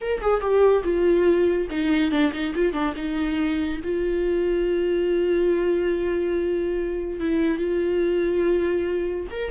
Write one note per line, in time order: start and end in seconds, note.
0.01 0.21 A#4
0.21 0.40 G#4
0.40 0.83 G4
0.83 1.68 F4
1.70 2.11 D#4
2.11 2.32 D4
2.32 2.53 D#4
2.54 2.73 F4
2.73 2.94 D4
2.96 3.80 D#4
3.83 7.20 F4
7.20 7.58 E4
7.58 9.27 F4
9.30 9.51 A#4